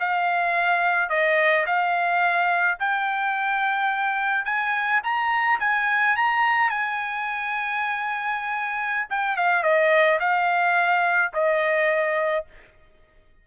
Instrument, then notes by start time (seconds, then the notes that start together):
trumpet
0.00 F5
1.09 D#5
1.66 F5
2.80 G5
4.45 G#5
5.04 A#5
5.60 G#5
6.16 A#5
6.70 G#5
9.10 G5
9.37 F5
9.63 D#5
10.20 F5
11.33 D#5